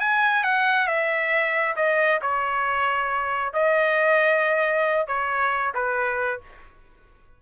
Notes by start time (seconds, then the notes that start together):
0.00 G#5
0.43 F#5
0.87 E5
1.76 D#5
2.21 C#5
3.53 D#5
5.07 C#5
5.74 B4